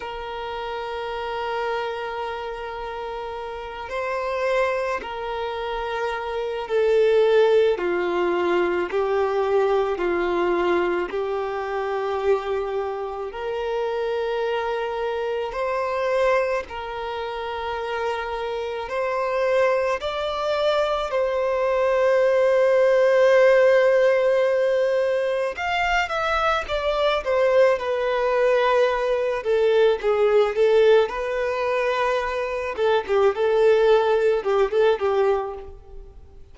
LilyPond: \new Staff \with { instrumentName = "violin" } { \time 4/4 \tempo 4 = 54 ais'2.~ ais'8 c''8~ | c''8 ais'4. a'4 f'4 | g'4 f'4 g'2 | ais'2 c''4 ais'4~ |
ais'4 c''4 d''4 c''4~ | c''2. f''8 e''8 | d''8 c''8 b'4. a'8 gis'8 a'8 | b'4. a'16 g'16 a'4 g'16 a'16 g'8 | }